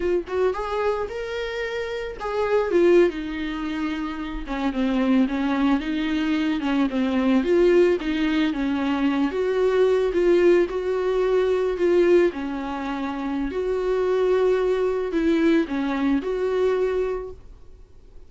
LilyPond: \new Staff \with { instrumentName = "viola" } { \time 4/4 \tempo 4 = 111 f'8 fis'8 gis'4 ais'2 | gis'4 f'8. dis'2~ dis'16~ | dis'16 cis'8 c'4 cis'4 dis'4~ dis'16~ | dis'16 cis'8 c'4 f'4 dis'4 cis'16~ |
cis'4~ cis'16 fis'4. f'4 fis'16~ | fis'4.~ fis'16 f'4 cis'4~ cis'16~ | cis'4 fis'2. | e'4 cis'4 fis'2 | }